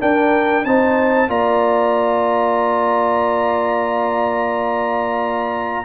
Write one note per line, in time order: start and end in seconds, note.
0.00 0.65 D4
0.00 0.65 A#4
0.00 0.65 G5
0.65 1.29 C4
0.65 1.29 D#4
0.65 1.30 C5
0.65 1.30 A5
1.29 5.85 A#3
1.29 5.85 F4
1.29 5.86 D5
1.29 5.86 A#5